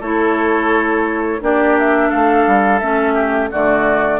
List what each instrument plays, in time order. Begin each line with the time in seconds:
0.00 bassoon A3, clarinet E4, oboe A4, flute C#5
1.40 bassoon A#3, clarinet D4, oboe G4, flute D5
1.78 flute E5
2.09 bassoon A3, oboe A4, flute F5
2.47 bassoon G3
2.79 bassoon A3, clarinet C#4, flute E5
3.14 oboe G4
3.51 bassoon D3, clarinet A3, oboe F#4, flute D5